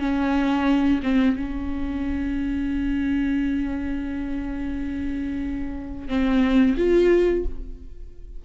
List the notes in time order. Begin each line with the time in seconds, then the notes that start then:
0.00 C#4
1.03 C4
1.37 C#4
6.09 C4
6.78 F4